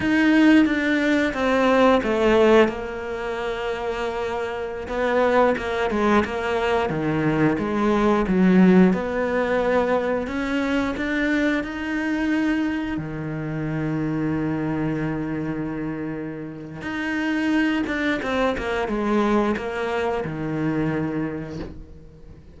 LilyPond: \new Staff \with { instrumentName = "cello" } { \time 4/4 \tempo 4 = 89 dis'4 d'4 c'4 a4 | ais2.~ ais16 b8.~ | b16 ais8 gis8 ais4 dis4 gis8.~ | gis16 fis4 b2 cis'8.~ |
cis'16 d'4 dis'2 dis8.~ | dis1~ | dis4 dis'4. d'8 c'8 ais8 | gis4 ais4 dis2 | }